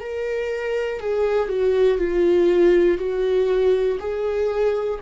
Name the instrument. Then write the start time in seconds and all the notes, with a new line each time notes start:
viola
0.00 A#4
1.00 G#4
1.48 F#4
1.98 F4
2.98 F#4
3.99 G#4